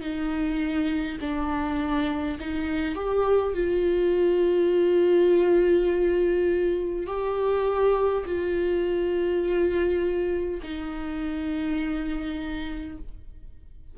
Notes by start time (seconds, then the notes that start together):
0.00 D#4
1.20 D4
2.40 D#4
2.95 G4
3.53 F4
7.06 G4
8.25 F4
10.62 D#4